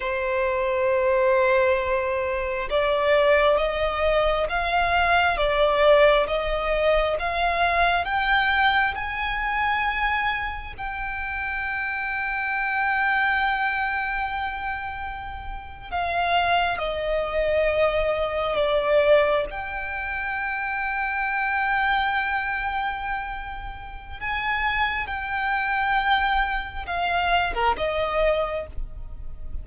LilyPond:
\new Staff \with { instrumentName = "violin" } { \time 4/4 \tempo 4 = 67 c''2. d''4 | dis''4 f''4 d''4 dis''4 | f''4 g''4 gis''2 | g''1~ |
g''4.~ g''16 f''4 dis''4~ dis''16~ | dis''8. d''4 g''2~ g''16~ | g''2. gis''4 | g''2 f''8. ais'16 dis''4 | }